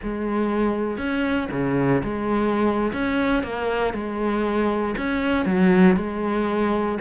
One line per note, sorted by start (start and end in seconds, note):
0.02 0.97 G#3
0.97 1.48 C#4
1.51 2.02 C#3
2.03 2.92 G#3
2.92 3.43 C#4
3.43 3.93 A#3
3.93 4.95 G#3
4.97 5.45 C#4
5.45 5.96 F#3
5.96 6.98 G#3